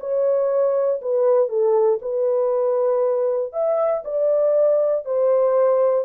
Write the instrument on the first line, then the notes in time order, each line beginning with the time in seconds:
horn
0.00 C#5
1.02 B4
1.49 A4
2.01 B4
3.53 E5
4.05 D5
5.05 C5